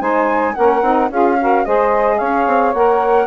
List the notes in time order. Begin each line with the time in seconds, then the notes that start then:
0.00 G#3 D#4 C5 G#5
0.55 A#3 C#4 A#4 F#5
0.82 C4 D#4
1.11 C#4 F4 G#4 F5
1.39 F#4 A#4
1.65 G#3 G#4 C5 D#5
2.18 C#4 C#5 F5
2.47 C4
2.74 A#3 A#4 F#5